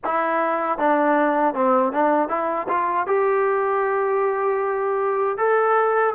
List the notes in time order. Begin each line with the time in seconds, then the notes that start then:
0.04 E4
0.78 D4
1.54 C4
1.92 D4
2.28 E4
2.68 F4
3.06 G4
5.37 A4